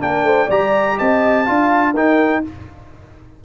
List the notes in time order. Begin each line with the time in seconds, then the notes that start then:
0.00 A#3 D4 A#4 G5
0.22 A3 C5
0.46 G3 G4 D5 A#5
0.97 C4 D#5 A5
1.45 D4 F4 F5
1.94 D#4 A#4 G5